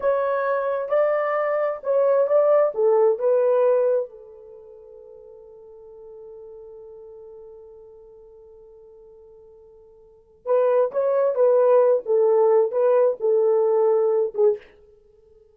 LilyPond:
\new Staff \with { instrumentName = "horn" } { \time 4/4 \tempo 4 = 132 cis''2 d''2 | cis''4 d''4 a'4 b'4~ | b'4 a'2.~ | a'1~ |
a'1~ | a'2. b'4 | cis''4 b'4. a'4. | b'4 a'2~ a'8 gis'8 | }